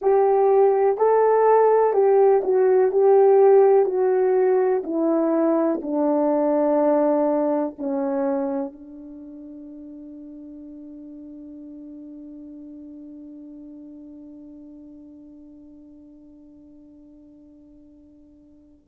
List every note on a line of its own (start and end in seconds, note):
0.01 0.97 G4
0.97 1.93 A4
1.93 2.41 G4
2.43 2.91 F#4
2.91 3.85 G4
3.85 4.82 F#4
4.83 5.80 E4
5.82 7.75 D4
7.78 8.72 C#4
8.72 18.87 D4